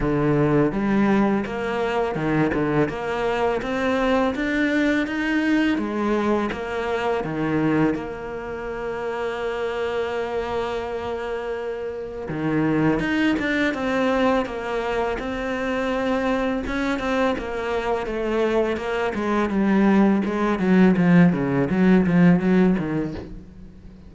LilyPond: \new Staff \with { instrumentName = "cello" } { \time 4/4 \tempo 4 = 83 d4 g4 ais4 dis8 d8 | ais4 c'4 d'4 dis'4 | gis4 ais4 dis4 ais4~ | ais1~ |
ais4 dis4 dis'8 d'8 c'4 | ais4 c'2 cis'8 c'8 | ais4 a4 ais8 gis8 g4 | gis8 fis8 f8 cis8 fis8 f8 fis8 dis8 | }